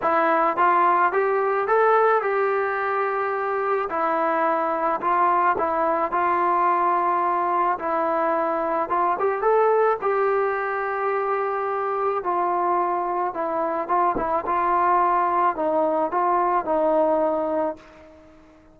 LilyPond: \new Staff \with { instrumentName = "trombone" } { \time 4/4 \tempo 4 = 108 e'4 f'4 g'4 a'4 | g'2. e'4~ | e'4 f'4 e'4 f'4~ | f'2 e'2 |
f'8 g'8 a'4 g'2~ | g'2 f'2 | e'4 f'8 e'8 f'2 | dis'4 f'4 dis'2 | }